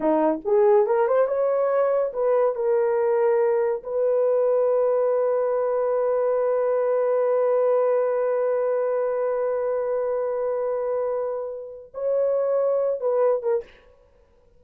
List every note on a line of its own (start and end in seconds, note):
0.00 0.40 D#4
0.44 0.86 G#4
0.86 1.07 A#4
1.07 1.27 C5
1.27 2.12 C#5
2.13 2.55 B4
2.55 3.82 A#4
3.83 11.91 B4
11.94 13.00 C#5
13.00 13.42 B4
13.42 13.63 A#4